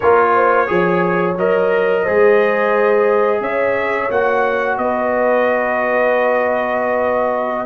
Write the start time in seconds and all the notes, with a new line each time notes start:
0.00 A#3 F4 A#4 C#5
0.35 C5
0.67 F3 G#4 C#5
1.37 F#3 A#4 D#5
2.03 G#3 G#4 C5
3.40 C#4 C#5 E5
4.10 A#3 F#4 F#5
4.77 B3 B4 D#5